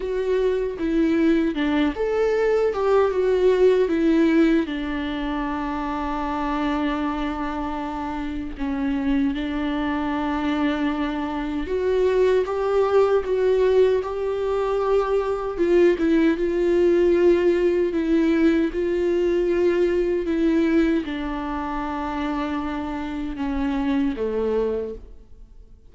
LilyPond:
\new Staff \with { instrumentName = "viola" } { \time 4/4 \tempo 4 = 77 fis'4 e'4 d'8 a'4 g'8 | fis'4 e'4 d'2~ | d'2. cis'4 | d'2. fis'4 |
g'4 fis'4 g'2 | f'8 e'8 f'2 e'4 | f'2 e'4 d'4~ | d'2 cis'4 a4 | }